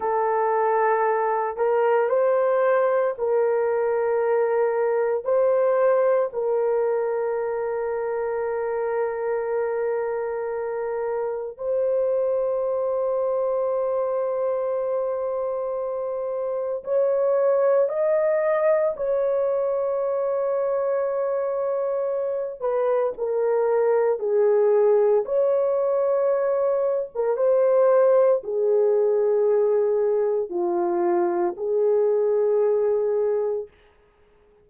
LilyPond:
\new Staff \with { instrumentName = "horn" } { \time 4/4 \tempo 4 = 57 a'4. ais'8 c''4 ais'4~ | ais'4 c''4 ais'2~ | ais'2. c''4~ | c''1 |
cis''4 dis''4 cis''2~ | cis''4. b'8 ais'4 gis'4 | cis''4.~ cis''16 ais'16 c''4 gis'4~ | gis'4 f'4 gis'2 | }